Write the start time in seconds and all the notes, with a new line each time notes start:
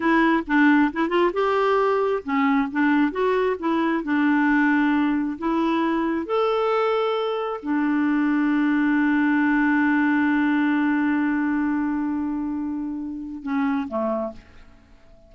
0.00 E4
0.47 D4
0.92 E4
1.08 F4
1.33 G4
2.23 C#4
2.71 D4
3.11 F#4
3.59 E4
4.03 D4
5.38 E4
6.26 A4
7.62 D4
13.42 C#4
13.87 A3